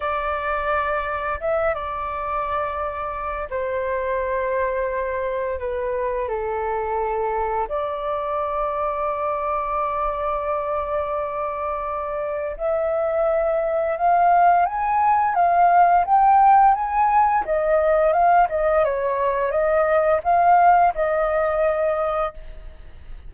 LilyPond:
\new Staff \with { instrumentName = "flute" } { \time 4/4 \tempo 4 = 86 d''2 e''8 d''4.~ | d''4 c''2. | b'4 a'2 d''4~ | d''1~ |
d''2 e''2 | f''4 gis''4 f''4 g''4 | gis''4 dis''4 f''8 dis''8 cis''4 | dis''4 f''4 dis''2 | }